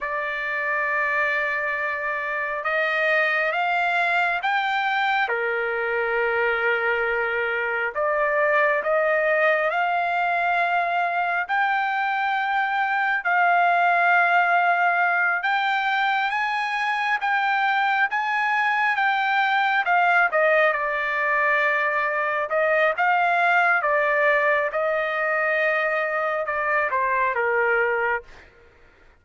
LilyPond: \new Staff \with { instrumentName = "trumpet" } { \time 4/4 \tempo 4 = 68 d''2. dis''4 | f''4 g''4 ais'2~ | ais'4 d''4 dis''4 f''4~ | f''4 g''2 f''4~ |
f''4. g''4 gis''4 g''8~ | g''8 gis''4 g''4 f''8 dis''8 d''8~ | d''4. dis''8 f''4 d''4 | dis''2 d''8 c''8 ais'4 | }